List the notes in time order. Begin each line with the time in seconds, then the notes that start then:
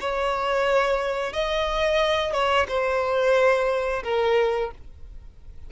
0.00 C#5
1.33 D#5
2.33 C#5
2.68 C5
4.03 A#4